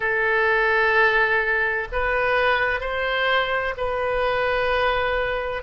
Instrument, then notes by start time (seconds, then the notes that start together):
oboe
0.00 A4
1.92 B4
2.80 C5
3.77 B4